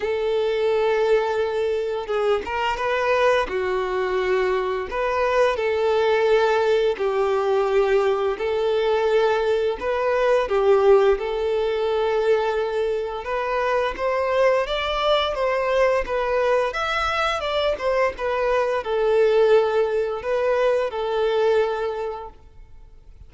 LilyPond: \new Staff \with { instrumentName = "violin" } { \time 4/4 \tempo 4 = 86 a'2. gis'8 ais'8 | b'4 fis'2 b'4 | a'2 g'2 | a'2 b'4 g'4 |
a'2. b'4 | c''4 d''4 c''4 b'4 | e''4 d''8 c''8 b'4 a'4~ | a'4 b'4 a'2 | }